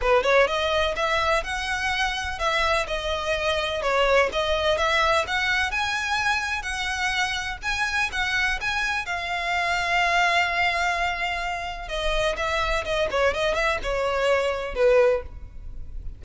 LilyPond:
\new Staff \with { instrumentName = "violin" } { \time 4/4 \tempo 4 = 126 b'8 cis''8 dis''4 e''4 fis''4~ | fis''4 e''4 dis''2 | cis''4 dis''4 e''4 fis''4 | gis''2 fis''2 |
gis''4 fis''4 gis''4 f''4~ | f''1~ | f''4 dis''4 e''4 dis''8 cis''8 | dis''8 e''8 cis''2 b'4 | }